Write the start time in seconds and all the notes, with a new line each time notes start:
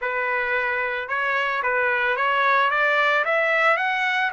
0.01 B4
1.08 C#5
1.62 B4
2.16 C#5
2.70 D5
3.24 E5
3.77 F#5